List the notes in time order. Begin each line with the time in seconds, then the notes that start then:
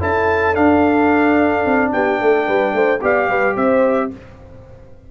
0.00 C#4 E4 A4 A5
0.54 D4 F5
1.66 C4
1.93 B3 G4 G5
2.21 A3 A4
2.47 G3 B4
2.74 A3 C5
3.02 B3 G4 D5 F5
3.29 G3 B4
3.55 C4 C5 E5